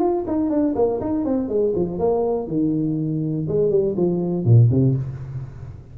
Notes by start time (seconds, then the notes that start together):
0.00 F4
0.27 D#4
0.50 D4
0.76 A#3
1.01 D#4
1.25 C4
1.49 G#3
1.76 F3
1.99 A#3
2.48 D#3
3.48 G#3
3.71 G3
3.97 F3
4.45 A#2
4.71 C3